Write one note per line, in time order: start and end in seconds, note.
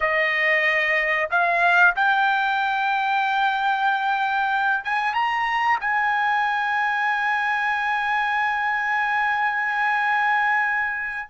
0.00 1.29 D#5
1.30 1.94 F5
1.95 4.84 G5
4.84 5.14 G#5
5.14 5.78 A#5
5.80 11.28 G#5